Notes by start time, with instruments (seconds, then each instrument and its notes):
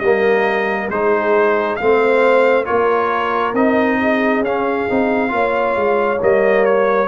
0.00 tuba G3, trombone A#3, horn A#4, trumpet D#5
0.89 tuba G#3, trombone D#4, horn G#4, trumpet C5
1.76 tuba A3, trombone C4, horn C5, trumpet F5
2.65 tuba A#3, trombone F4, horn A#4, trumpet C#5
3.54 tuba C4, trombone D#4, trumpet D#5
4.01 horn G#4
4.40 tuba C#4, trombone C#4, trumpet F5
4.89 tuba C4, trombone D#4
5.29 tuba A#3, trombone F4, horn C#5
5.76 tuba G#3
6.21 tuba G3, trombone A#3, trumpet D#5
6.65 trumpet C#5